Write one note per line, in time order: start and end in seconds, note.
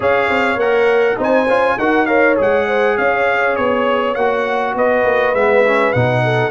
0.00 0.29 C#4
0.00 0.57 G#4
0.00 1.17 C#5
0.00 0.59 F5
0.29 0.56 C4
0.56 1.15 A#3
0.56 1.16 A#4
0.56 1.18 F#5
1.16 1.47 C4
1.16 1.46 D#4
1.16 1.76 C5
1.22 1.78 G#5
1.47 1.77 C#4
1.47 1.78 F4
1.78 2.38 D#4
1.78 2.07 F#4
1.78 2.07 A#4
1.78 2.05 F#5
2.05 2.36 A#4
2.05 2.66 C#5
2.05 2.35 F5
2.36 2.98 G#3
2.36 4.15 G#4
2.36 2.97 F#5
2.67 2.97 C5
2.97 3.57 C#4
2.97 4.75 C#5
2.97 3.55 F5
3.55 4.15 B3
3.55 4.14 C#5
4.14 4.74 A#3
4.14 5.35 F#4
4.14 4.74 F#5
4.74 5.04 B3
4.74 6.23 B4
4.74 5.34 D#5
5.04 5.34 A#3
5.34 5.93 G#3
5.34 5.65 B3
5.34 5.92 E5
5.66 5.94 C#4
5.92 6.50 B2
5.92 6.50 D#4
5.92 6.50 F#5
6.23 6.50 A4